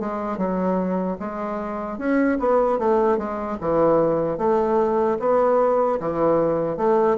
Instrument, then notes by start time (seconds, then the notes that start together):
bassoon
0.00 G#3
0.37 F#3
1.20 G#3
1.98 C#4
2.40 B3
2.79 A3
3.18 G#3
3.61 E3
4.38 A3
5.20 B3
6.00 E3
6.77 A3